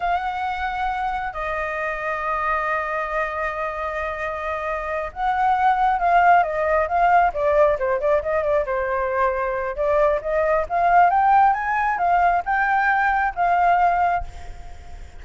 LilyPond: \new Staff \with { instrumentName = "flute" } { \time 4/4 \tempo 4 = 135 fis''2. dis''4~ | dis''1~ | dis''2.~ dis''8 fis''8~ | fis''4. f''4 dis''4 f''8~ |
f''8 d''4 c''8 d''8 dis''8 d''8 c''8~ | c''2 d''4 dis''4 | f''4 g''4 gis''4 f''4 | g''2 f''2 | }